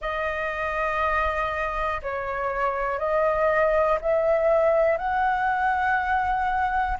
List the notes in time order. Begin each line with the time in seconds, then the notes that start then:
0.01 D#5
2.02 C#5
2.98 D#5
4.00 E5
4.97 F#5